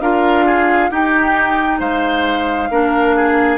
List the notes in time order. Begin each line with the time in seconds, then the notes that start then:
0.00 D4 F4 A#4 F5
0.45 G#4
0.90 D#4 G4 G5
1.79 G#3 C5 F5
2.70 A#3 D4 A#4
3.16 G#4